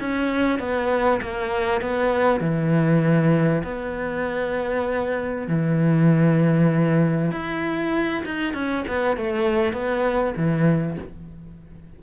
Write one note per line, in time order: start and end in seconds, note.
0.00 0.59 C#4
0.59 1.21 B3
1.22 1.81 A#3
1.81 2.41 B3
2.41 3.63 E3
3.64 5.48 B3
5.48 7.31 E3
7.31 8.23 E4
8.26 8.54 D#4
8.54 8.84 C#4
8.88 9.17 B3
9.17 9.73 A3
9.73 10.34 B3
10.37 10.98 E3